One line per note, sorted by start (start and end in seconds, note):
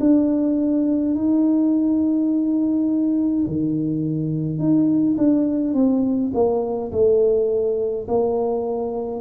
0.00 1.15 D4
1.15 3.46 D#4
3.47 4.59 D#3
4.59 5.17 D#4
5.18 5.74 D4
5.74 6.31 C4
6.34 6.92 A#3
6.92 8.07 A3
8.08 9.21 A#3